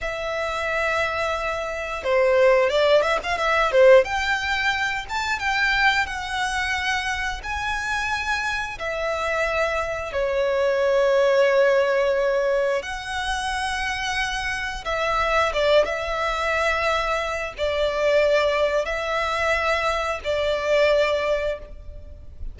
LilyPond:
\new Staff \with { instrumentName = "violin" } { \time 4/4 \tempo 4 = 89 e''2. c''4 | d''8 e''16 f''16 e''8 c''8 g''4. a''8 | g''4 fis''2 gis''4~ | gis''4 e''2 cis''4~ |
cis''2. fis''4~ | fis''2 e''4 d''8 e''8~ | e''2 d''2 | e''2 d''2 | }